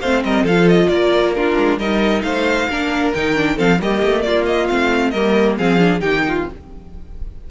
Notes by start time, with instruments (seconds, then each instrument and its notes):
0.00 cello A3, viola C4, violin C5 F5
0.23 cello G3, violin A#4 D#5
0.42 cello F3, viola F4, violin A4 F5
0.68 violin D#5
0.88 cello A#3, violin A#4 D5
1.34 viola D4, violin F4 A#4
1.57 cello G#3
1.77 cello G3, viola D#4, violin A#4 D#5
2.21 cello A3, violin C5 F5
2.68 cello A#3, viola D4, violin A#4
3.13 cello D#3, viola D#4, violin G5
3.35 viola D4
3.56 cello F3, viola C4, violin A4 F5
3.80 cello G3, viola A#3, violin G4 D#5
4.03 cello A3
4.22 cello A#3, violin F4 D5
4.46 violin D#5
4.67 cello A3, viola C4, violin F5
5.10 cello G3, viola A#3, violin A#4 D#5
5.57 cello F3, viola C4, violin G#4 F5
5.79 viola D4
5.99 cello D#3, viola D#4, violin G4 G5
6.28 violin F4